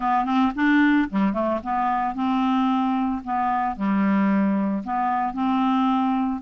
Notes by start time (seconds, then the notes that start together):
0.00 B3
0.25 C4
0.55 D4
1.09 G3
1.33 A3
1.63 B3
2.14 C4
3.23 B3
3.75 G3
4.84 B3
5.33 C4